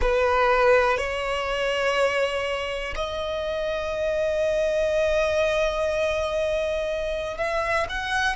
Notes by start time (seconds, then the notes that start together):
0.00 B4
0.97 C#5
2.95 D#5
7.37 E5
7.89 F#5